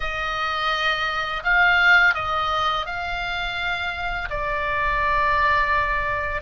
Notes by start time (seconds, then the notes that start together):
0.00 D#5
1.43 F5
2.14 D#5
2.86 F5
4.30 D5